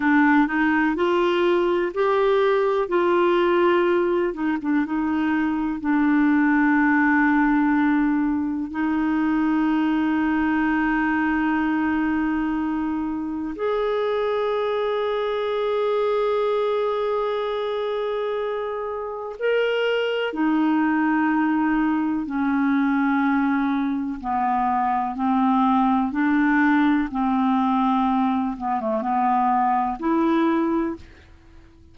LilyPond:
\new Staff \with { instrumentName = "clarinet" } { \time 4/4 \tempo 4 = 62 d'8 dis'8 f'4 g'4 f'4~ | f'8 dis'16 d'16 dis'4 d'2~ | d'4 dis'2.~ | dis'2 gis'2~ |
gis'1 | ais'4 dis'2 cis'4~ | cis'4 b4 c'4 d'4 | c'4. b16 a16 b4 e'4 | }